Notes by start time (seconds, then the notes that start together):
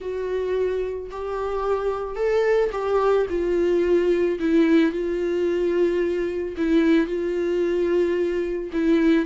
0.00 F#4
1.10 G4
2.15 A4
2.71 G4
3.29 F4
4.39 E4
4.92 F4
6.57 E4
7.06 F4
8.72 E4